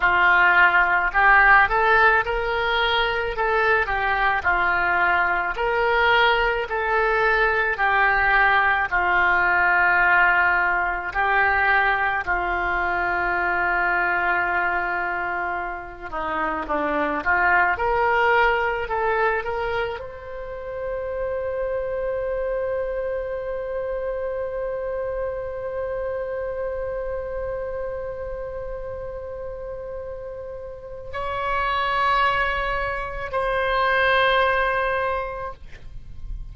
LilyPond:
\new Staff \with { instrumentName = "oboe" } { \time 4/4 \tempo 4 = 54 f'4 g'8 a'8 ais'4 a'8 g'8 | f'4 ais'4 a'4 g'4 | f'2 g'4 f'4~ | f'2~ f'8 dis'8 d'8 f'8 |
ais'4 a'8 ais'8 c''2~ | c''1~ | c''1 | cis''2 c''2 | }